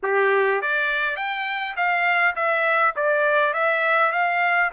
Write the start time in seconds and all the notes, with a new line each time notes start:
0.02 G4
0.61 D5
1.16 G5
1.76 F5
2.35 E5
2.96 D5
3.53 E5
4.12 F5